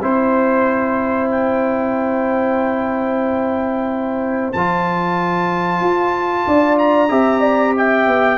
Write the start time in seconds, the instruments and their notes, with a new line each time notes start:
0.00 tuba C4, trombone E4, horn C5, trumpet C5
1.31 trumpet G5
4.52 tuba F3, trombone F4, trumpet A5
5.80 tuba F4
6.47 tuba D4, horn D5
6.78 trumpet A#5
7.09 tuba C4, trombone G4, horn E5
7.41 horn D5
7.76 horn E5, trumpet G5
8.07 tuba B3